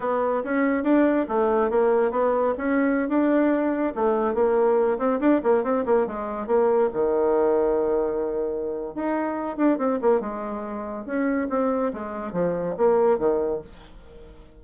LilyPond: \new Staff \with { instrumentName = "bassoon" } { \time 4/4 \tempo 4 = 141 b4 cis'4 d'4 a4 | ais4 b4 cis'4~ cis'16 d'8.~ | d'4~ d'16 a4 ais4. c'16~ | c'16 d'8 ais8 c'8 ais8 gis4 ais8.~ |
ais16 dis2.~ dis8.~ | dis4 dis'4. d'8 c'8 ais8 | gis2 cis'4 c'4 | gis4 f4 ais4 dis4 | }